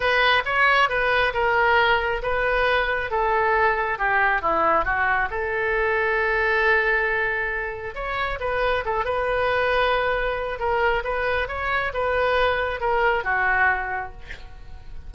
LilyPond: \new Staff \with { instrumentName = "oboe" } { \time 4/4 \tempo 4 = 136 b'4 cis''4 b'4 ais'4~ | ais'4 b'2 a'4~ | a'4 g'4 e'4 fis'4 | a'1~ |
a'2 cis''4 b'4 | a'8 b'2.~ b'8 | ais'4 b'4 cis''4 b'4~ | b'4 ais'4 fis'2 | }